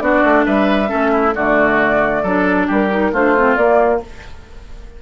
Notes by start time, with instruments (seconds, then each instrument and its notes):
0.00 bassoon B3, clarinet D4, oboe F#4, flute D5
0.24 bassoon A3
0.45 bassoon G3, oboe B4, flute E5
0.87 bassoon A3, clarinet C#4, oboe A4
1.11 oboe E4
1.35 bassoon D3, clarinet A3, oboe F#4, flute D5
2.22 bassoon F#3, clarinet D4, oboe A4
2.67 bassoon G3, oboe G4, flute A#4
2.90 clarinet D#4
3.12 bassoon A3, clarinet D4, oboe F4, flute C5
3.36 clarinet C4
3.56 bassoon A#3, clarinet A#3, flute D5